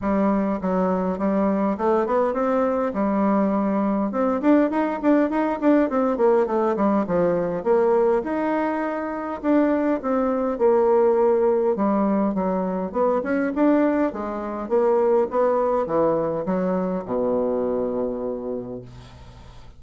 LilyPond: \new Staff \with { instrumentName = "bassoon" } { \time 4/4 \tempo 4 = 102 g4 fis4 g4 a8 b8 | c'4 g2 c'8 d'8 | dis'8 d'8 dis'8 d'8 c'8 ais8 a8 g8 | f4 ais4 dis'2 |
d'4 c'4 ais2 | g4 fis4 b8 cis'8 d'4 | gis4 ais4 b4 e4 | fis4 b,2. | }